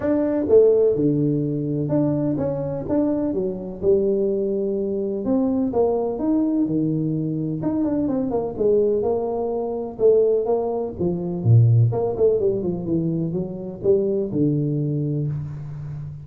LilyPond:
\new Staff \with { instrumentName = "tuba" } { \time 4/4 \tempo 4 = 126 d'4 a4 d2 | d'4 cis'4 d'4 fis4 | g2. c'4 | ais4 dis'4 dis2 |
dis'8 d'8 c'8 ais8 gis4 ais4~ | ais4 a4 ais4 f4 | ais,4 ais8 a8 g8 f8 e4 | fis4 g4 d2 | }